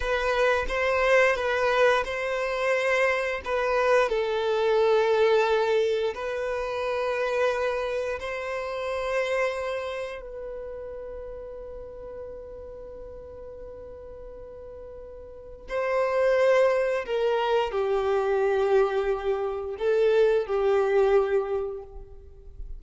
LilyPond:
\new Staff \with { instrumentName = "violin" } { \time 4/4 \tempo 4 = 88 b'4 c''4 b'4 c''4~ | c''4 b'4 a'2~ | a'4 b'2. | c''2. b'4~ |
b'1~ | b'2. c''4~ | c''4 ais'4 g'2~ | g'4 a'4 g'2 | }